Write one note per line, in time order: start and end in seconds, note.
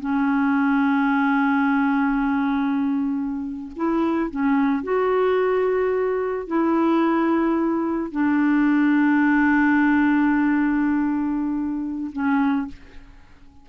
0.00 3.72 C#4
3.76 4.31 E4
4.31 4.83 C#4
4.83 6.48 F#4
6.48 8.12 E4
8.12 12.11 D4
12.13 12.68 C#4